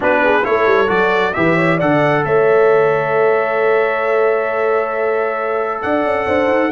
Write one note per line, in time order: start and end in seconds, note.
0.00 0.46 B3
0.00 0.42 D4
0.00 0.21 F#4
0.00 0.44 B4
0.24 0.45 G#4
0.44 0.66 A3
0.44 0.87 E4
0.44 1.35 A4
0.44 0.89 C#5
0.66 0.89 G3
0.87 1.34 F#3
0.87 1.32 F#4
0.87 1.33 D5
1.33 1.81 E3
1.33 1.79 G4
1.33 1.55 B4
1.33 1.78 E5
1.55 1.76 C#5
1.76 2.25 D3
1.76 6.71 A4
1.76 2.21 D5
1.76 2.24 F#5
2.25 5.83 A3
2.25 5.82 C#5
2.25 5.82 E5
5.82 6.05 D4
5.82 6.26 D5
5.82 6.71 F#5
6.05 6.27 C#4
6.26 6.47 D4
6.26 6.70 C5
6.47 6.69 D#4